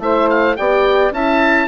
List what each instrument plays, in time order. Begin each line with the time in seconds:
0.00 bassoon A3, horn E4, saxophone C5, oboe E5
0.30 oboe F5
0.57 bassoon B3, horn G4, saxophone D5, oboe G5
1.12 bassoon C#4, horn E4, saxophone E5, oboe A5